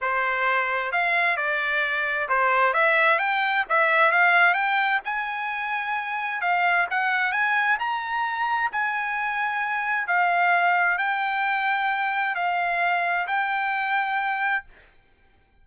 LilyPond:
\new Staff \with { instrumentName = "trumpet" } { \time 4/4 \tempo 4 = 131 c''2 f''4 d''4~ | d''4 c''4 e''4 g''4 | e''4 f''4 g''4 gis''4~ | gis''2 f''4 fis''4 |
gis''4 ais''2 gis''4~ | gis''2 f''2 | g''2. f''4~ | f''4 g''2. | }